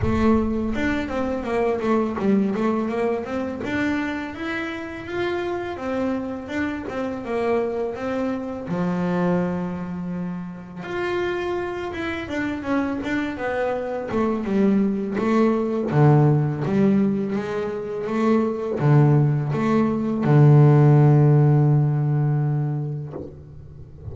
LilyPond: \new Staff \with { instrumentName = "double bass" } { \time 4/4 \tempo 4 = 83 a4 d'8 c'8 ais8 a8 g8 a8 | ais8 c'8 d'4 e'4 f'4 | c'4 d'8 c'8 ais4 c'4 | f2. f'4~ |
f'8 e'8 d'8 cis'8 d'8 b4 a8 | g4 a4 d4 g4 | gis4 a4 d4 a4 | d1 | }